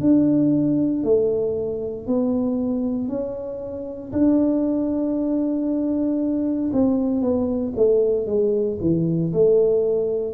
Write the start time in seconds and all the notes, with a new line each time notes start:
0.00 D4
1.03 A3
2.06 B3
3.08 C#4
4.12 D4
6.73 C4
7.21 B3
7.76 A3
8.27 G#3
8.81 E3
9.33 A3